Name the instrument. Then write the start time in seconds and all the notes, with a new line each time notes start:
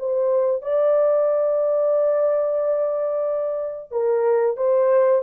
horn
0.00 C5
0.63 D5
3.92 A#4
4.57 C5